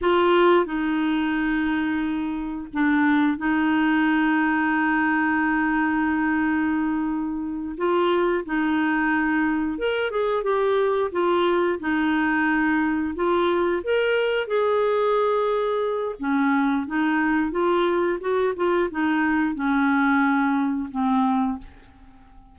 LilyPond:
\new Staff \with { instrumentName = "clarinet" } { \time 4/4 \tempo 4 = 89 f'4 dis'2. | d'4 dis'2.~ | dis'2.~ dis'8 f'8~ | f'8 dis'2 ais'8 gis'8 g'8~ |
g'8 f'4 dis'2 f'8~ | f'8 ais'4 gis'2~ gis'8 | cis'4 dis'4 f'4 fis'8 f'8 | dis'4 cis'2 c'4 | }